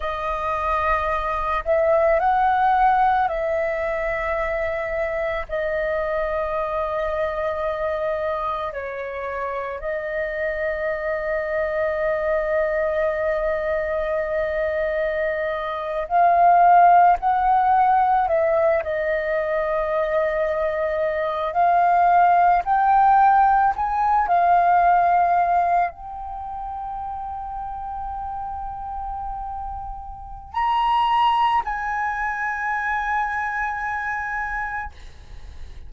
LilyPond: \new Staff \with { instrumentName = "flute" } { \time 4/4 \tempo 4 = 55 dis''4. e''8 fis''4 e''4~ | e''4 dis''2. | cis''4 dis''2.~ | dis''2~ dis''8. f''4 fis''16~ |
fis''8. e''8 dis''2~ dis''8 f''16~ | f''8. g''4 gis''8 f''4. g''16~ | g''1 | ais''4 gis''2. | }